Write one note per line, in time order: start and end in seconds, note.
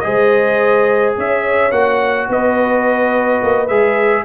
0.00 1.16 G#3
0.00 1.71 G#4
0.00 1.17 C5
0.00 1.12 D#5
1.17 1.71 C#4
1.17 2.30 C#5
1.17 1.71 E5
1.71 2.27 A#3
1.71 3.67 F#4
1.71 2.27 F#5
2.29 3.41 B3
2.29 4.25 B4
2.29 3.68 D#5
3.42 3.69 A#3
3.68 4.25 G#3
3.68 4.25 G#4
3.68 4.24 E5